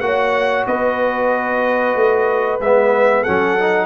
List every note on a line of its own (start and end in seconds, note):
0.00 0.65 A#3
0.00 2.60 F#4
0.00 0.67 C#5
0.00 0.65 F#5
0.66 1.95 B3
0.66 3.22 B4
0.66 2.60 D#5
1.95 2.60 A3
2.60 3.24 G#3
2.60 3.26 B3
2.60 3.23 E5
3.22 3.58 C#4
3.22 3.85 A4
3.22 3.85 F#5
3.28 3.85 F#3
3.59 3.85 D#4